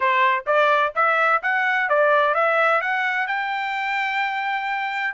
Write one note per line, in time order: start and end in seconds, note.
0.00 0.44 C5
0.46 0.93 D5
0.95 1.41 E5
1.42 1.89 F#5
1.89 2.34 D5
2.34 2.81 E5
2.81 3.27 F#5
3.27 5.14 G5